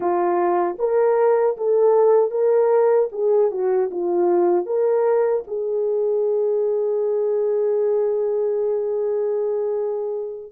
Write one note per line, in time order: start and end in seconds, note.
0.00 0.76 F4
0.78 1.56 A#4
1.57 2.30 A4
2.30 3.08 A#4
3.12 3.51 G#4
3.51 3.90 F#4
3.90 4.65 F4
4.65 5.43 A#4
5.47 10.52 G#4